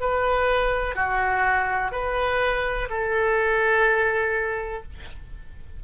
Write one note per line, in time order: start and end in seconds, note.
0.00 0.95 B4
0.95 1.92 F#4
1.92 2.89 B4
2.90 4.83 A4